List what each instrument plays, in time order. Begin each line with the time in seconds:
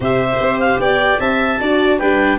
0.00 tuba C3, viola G4, violin C5, clarinet E5
0.40 tuba C4
0.59 clarinet F5
0.78 tuba B3, violin D5, clarinet G5
1.19 tuba C4, violin E5, clarinet A5
1.59 tuba D4, viola F#4, violin D5
1.98 tuba G3, viola D4, violin B4, clarinet G5